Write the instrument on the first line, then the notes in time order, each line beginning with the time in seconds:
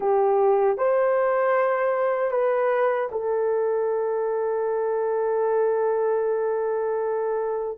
horn
0.00 G4
0.77 C5
2.31 B4
3.11 A4